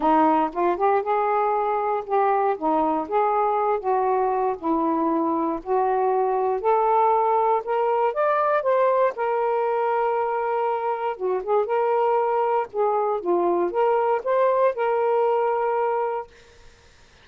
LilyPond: \new Staff \with { instrumentName = "saxophone" } { \time 4/4 \tempo 4 = 118 dis'4 f'8 g'8 gis'2 | g'4 dis'4 gis'4. fis'8~ | fis'4 e'2 fis'4~ | fis'4 a'2 ais'4 |
d''4 c''4 ais'2~ | ais'2 fis'8 gis'8 ais'4~ | ais'4 gis'4 f'4 ais'4 | c''4 ais'2. | }